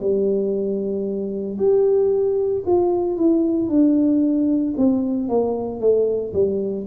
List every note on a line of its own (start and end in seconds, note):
0.00 1.58 G3
1.58 2.63 G4
2.66 3.17 F4
3.17 3.68 E4
3.68 4.74 D4
4.77 5.28 C4
5.28 5.80 A#3
5.80 6.33 A3
6.33 6.86 G3